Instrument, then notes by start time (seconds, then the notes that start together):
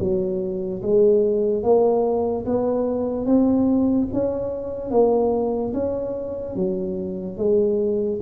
tuba
0.00 F#3
0.83 G#3
1.63 A#3
2.46 B3
3.26 C4
4.14 C#4
4.91 A#3
5.74 C#4
6.56 F#3
7.38 G#3